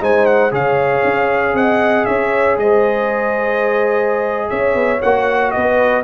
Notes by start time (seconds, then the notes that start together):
0.00 G#3 D#4 C5 G#5
0.26 F#5
0.51 C#3 G#4 C#5 F5
1.04 C#4
1.53 C4 D#5 F#5
2.05 C#4 C#5 E5
2.57 G#3 C5 D#5
4.49 C#4 C#5 E5
4.74 B3
5.02 A#3 F#4 F#5
5.51 B3 B4 D#5